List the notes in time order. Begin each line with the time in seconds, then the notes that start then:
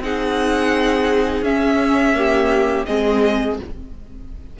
0.00 C4 D#4 G#4 F#5
1.42 C#4 E5
2.15 A#3 G4
2.86 G#3 C4 G#4 D#5